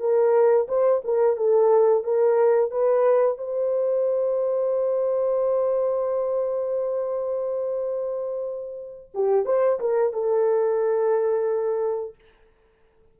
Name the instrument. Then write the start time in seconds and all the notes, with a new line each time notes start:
horn
0.00 A#4
0.68 C5
1.04 A#4
1.37 A4
2.04 A#4
2.71 B4
3.38 C5
9.14 G4
9.46 C5
9.80 A#4
10.13 A4